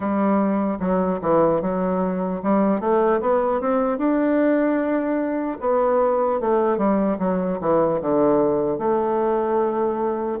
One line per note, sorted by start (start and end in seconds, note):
0.00 0.78 G3
0.79 1.19 F#3
1.21 1.61 E3
1.61 2.41 F#3
2.43 2.80 G3
2.80 3.20 A3
3.20 3.60 B3
3.60 3.98 C4
3.98 5.58 D4
5.60 6.40 B3
6.40 6.77 A3
6.77 7.17 G3
7.19 7.59 F#3
7.60 8.00 E3
8.01 8.78 D3
8.78 10.38 A3